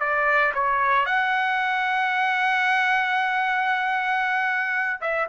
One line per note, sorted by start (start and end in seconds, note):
0.00 0.53 D5
0.55 1.06 C#5
1.06 5.01 F#5
5.01 5.28 E5